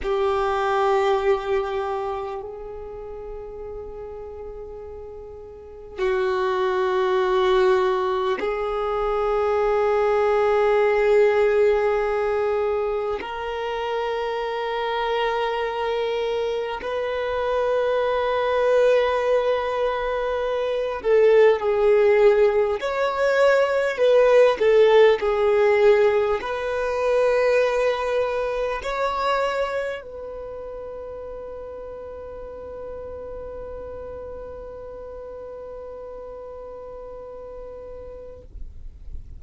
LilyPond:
\new Staff \with { instrumentName = "violin" } { \time 4/4 \tempo 4 = 50 g'2 gis'2~ | gis'4 fis'2 gis'4~ | gis'2. ais'4~ | ais'2 b'2~ |
b'4. a'8 gis'4 cis''4 | b'8 a'8 gis'4 b'2 | cis''4 b'2.~ | b'1 | }